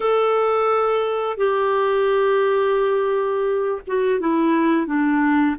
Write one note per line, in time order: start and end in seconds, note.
0.00 1.37 A4
1.37 3.81 G4
3.87 4.20 F#4
4.20 4.86 E4
4.86 5.56 D4